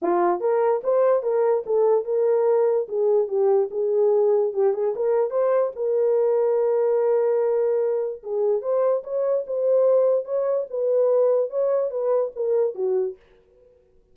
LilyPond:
\new Staff \with { instrumentName = "horn" } { \time 4/4 \tempo 4 = 146 f'4 ais'4 c''4 ais'4 | a'4 ais'2 gis'4 | g'4 gis'2 g'8 gis'8 | ais'4 c''4 ais'2~ |
ais'1 | gis'4 c''4 cis''4 c''4~ | c''4 cis''4 b'2 | cis''4 b'4 ais'4 fis'4 | }